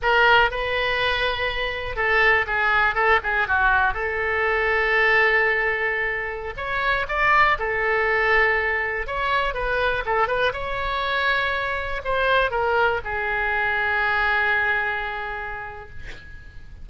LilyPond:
\new Staff \with { instrumentName = "oboe" } { \time 4/4 \tempo 4 = 121 ais'4 b'2. | a'4 gis'4 a'8 gis'8 fis'4 | a'1~ | a'4~ a'16 cis''4 d''4 a'8.~ |
a'2~ a'16 cis''4 b'8.~ | b'16 a'8 b'8 cis''2~ cis''8.~ | cis''16 c''4 ais'4 gis'4.~ gis'16~ | gis'1 | }